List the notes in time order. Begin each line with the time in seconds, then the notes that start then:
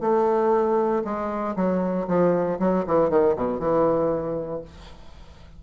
0.00 A3
1.04 G#3
1.56 F#3
2.07 F3
2.59 F#3
2.86 E3
3.10 D#3
3.36 B2
3.59 E3